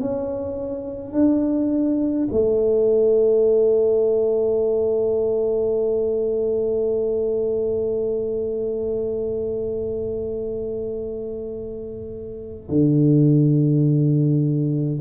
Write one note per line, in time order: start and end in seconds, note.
0.00 1.13 C#4
1.13 2.28 D4
2.32 12.69 A3
12.69 15.00 D3